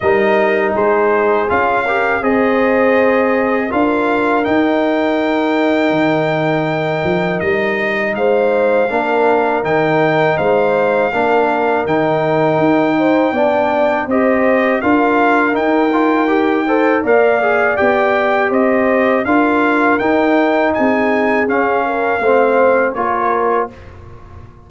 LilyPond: <<
  \new Staff \with { instrumentName = "trumpet" } { \time 4/4 \tempo 4 = 81 dis''4 c''4 f''4 dis''4~ | dis''4 f''4 g''2~ | g''2 dis''4 f''4~ | f''4 g''4 f''2 |
g''2. dis''4 | f''4 g''2 f''4 | g''4 dis''4 f''4 g''4 | gis''4 f''2 cis''4 | }
  \new Staff \with { instrumentName = "horn" } { \time 4/4 ais'4 gis'4. ais'8 c''4~ | c''4 ais'2.~ | ais'2. c''4 | ais'2 c''4 ais'4~ |
ais'4. c''8 d''4 c''4 | ais'2~ ais'8 c''8 d''4~ | d''4 c''4 ais'2 | gis'4. ais'8 c''4 ais'4 | }
  \new Staff \with { instrumentName = "trombone" } { \time 4/4 dis'2 f'8 g'8 gis'4~ | gis'4 f'4 dis'2~ | dis'1 | d'4 dis'2 d'4 |
dis'2 d'4 g'4 | f'4 dis'8 f'8 g'8 a'8 ais'8 gis'8 | g'2 f'4 dis'4~ | dis'4 cis'4 c'4 f'4 | }
  \new Staff \with { instrumentName = "tuba" } { \time 4/4 g4 gis4 cis'4 c'4~ | c'4 d'4 dis'2 | dis4. f8 g4 gis4 | ais4 dis4 gis4 ais4 |
dis4 dis'4 b4 c'4 | d'4 dis'2 ais4 | b4 c'4 d'4 dis'4 | c'4 cis'4 a4 ais4 | }
>>